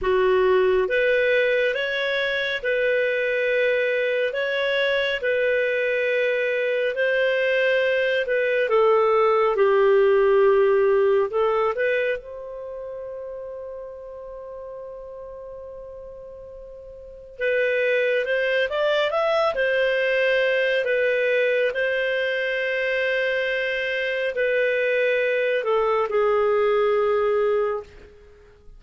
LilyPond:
\new Staff \with { instrumentName = "clarinet" } { \time 4/4 \tempo 4 = 69 fis'4 b'4 cis''4 b'4~ | b'4 cis''4 b'2 | c''4. b'8 a'4 g'4~ | g'4 a'8 b'8 c''2~ |
c''1 | b'4 c''8 d''8 e''8 c''4. | b'4 c''2. | b'4. a'8 gis'2 | }